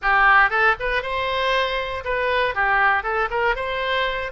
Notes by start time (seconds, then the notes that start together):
0.02 G4
0.49 A4
0.79 B4
1.02 C5
2.04 B4
2.54 G4
3.03 A4
3.30 A#4
3.55 C5